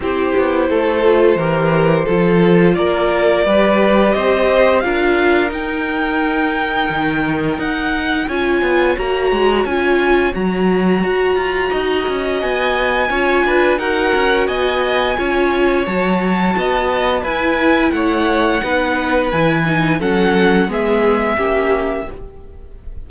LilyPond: <<
  \new Staff \with { instrumentName = "violin" } { \time 4/4 \tempo 4 = 87 c''1 | d''2 dis''4 f''4 | g''2. fis''4 | gis''4 ais''4 gis''4 ais''4~ |
ais''2 gis''2 | fis''4 gis''2 a''4~ | a''4 gis''4 fis''2 | gis''4 fis''4 e''2 | }
  \new Staff \with { instrumentName = "violin" } { \time 4/4 g'4 a'4 ais'4 a'4 | ais'4 b'4 c''4 ais'4~ | ais'1 | cis''1~ |
cis''4 dis''2 cis''8 b'8 | ais'4 dis''4 cis''2 | dis''4 b'4 cis''4 b'4~ | b'4 a'4 gis'4 g'4 | }
  \new Staff \with { instrumentName = "viola" } { \time 4/4 e'4. f'8 g'4 f'4~ | f'4 g'2 f'4 | dis'1 | f'4 fis'4 f'4 fis'4~ |
fis'2. f'4 | fis'2 f'4 fis'4~ | fis'4 e'2 dis'4 | e'8 dis'8 cis'4 b4 cis'4 | }
  \new Staff \with { instrumentName = "cello" } { \time 4/4 c'8 b8 a4 e4 f4 | ais4 g4 c'4 d'4 | dis'2 dis4 dis'4 | cis'8 b8 ais8 gis8 cis'4 fis4 |
fis'8 f'8 dis'8 cis'8 b4 cis'8 d'8 | dis'8 cis'8 b4 cis'4 fis4 | b4 e'4 a4 b4 | e4 fis4 gis4 ais4 | }
>>